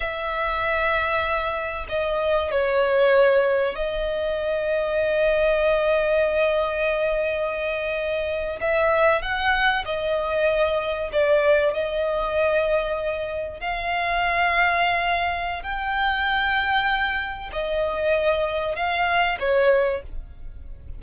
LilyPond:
\new Staff \with { instrumentName = "violin" } { \time 4/4 \tempo 4 = 96 e''2. dis''4 | cis''2 dis''2~ | dis''1~ | dis''4.~ dis''16 e''4 fis''4 dis''16~ |
dis''4.~ dis''16 d''4 dis''4~ dis''16~ | dis''4.~ dis''16 f''2~ f''16~ | f''4 g''2. | dis''2 f''4 cis''4 | }